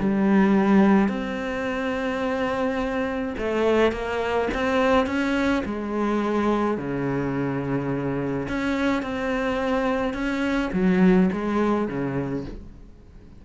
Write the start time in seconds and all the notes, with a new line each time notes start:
0.00 G3
1.09 C4
3.38 A3
3.92 A#3
4.54 C4
5.07 C#4
5.66 G#3
6.78 C#3
8.49 C#4
9.03 C4
10.14 C#4
10.73 F#3
11.33 G#3
11.88 C#3